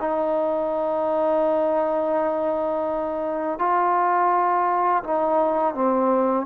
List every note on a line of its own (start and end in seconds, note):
0.00 3.59 D#4
3.59 5.03 F4
5.04 5.74 D#4
5.74 6.46 C4